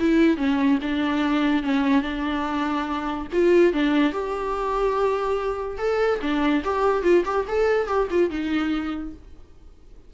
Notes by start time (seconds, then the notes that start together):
0.00 E4
0.37 C#4
0.82 D4
1.63 C#4
2.02 D4
3.33 F4
3.73 D4
4.13 G4
5.78 A4
6.22 D4
6.64 G4
7.03 F4
7.25 G4
7.48 A4
7.87 G4
8.11 F4
8.30 D#4